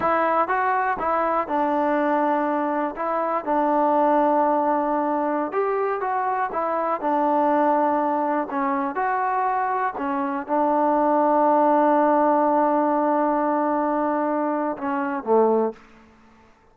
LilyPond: \new Staff \with { instrumentName = "trombone" } { \time 4/4 \tempo 4 = 122 e'4 fis'4 e'4 d'4~ | d'2 e'4 d'4~ | d'2.~ d'16 g'8.~ | g'16 fis'4 e'4 d'4.~ d'16~ |
d'4~ d'16 cis'4 fis'4.~ fis'16~ | fis'16 cis'4 d'2~ d'8.~ | d'1~ | d'2 cis'4 a4 | }